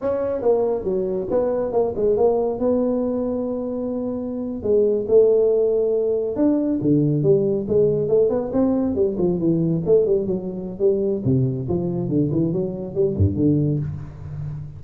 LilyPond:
\new Staff \with { instrumentName = "tuba" } { \time 4/4 \tempo 4 = 139 cis'4 ais4 fis4 b4 | ais8 gis8 ais4 b2~ | b2~ b8. gis4 a16~ | a2~ a8. d'4 d16~ |
d8. g4 gis4 a8 b8 c'16~ | c'8. g8 f8 e4 a8 g8 fis16~ | fis4 g4 c4 f4 | d8 e8 fis4 g8 g,8 d4 | }